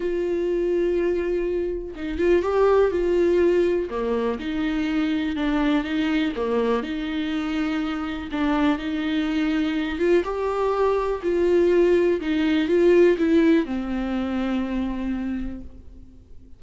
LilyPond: \new Staff \with { instrumentName = "viola" } { \time 4/4 \tempo 4 = 123 f'1 | dis'8 f'8 g'4 f'2 | ais4 dis'2 d'4 | dis'4 ais4 dis'2~ |
dis'4 d'4 dis'2~ | dis'8 f'8 g'2 f'4~ | f'4 dis'4 f'4 e'4 | c'1 | }